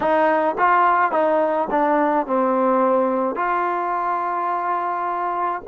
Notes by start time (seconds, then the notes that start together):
0.00 D#4
0.58 F4
1.11 D#4
1.70 D4
2.26 C4
3.36 F4